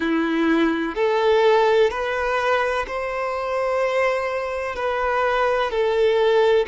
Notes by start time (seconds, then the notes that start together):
0.00 E4
0.95 A4
1.90 B4
2.87 C5
4.75 B4
5.70 A4